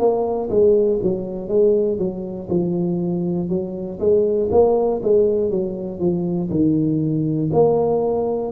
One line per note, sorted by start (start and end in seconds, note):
0.00 0.50 A#3
0.50 1.00 G#3
1.03 1.49 F#3
1.49 1.99 G#3
1.99 2.49 F#3
2.50 3.50 F3
3.50 4.00 F#3
4.00 4.50 G#3
4.51 5.01 A#3
5.03 5.51 G#3
5.51 6.00 F#3
6.00 6.50 F3
6.51 7.51 D#3
7.53 8.52 A#3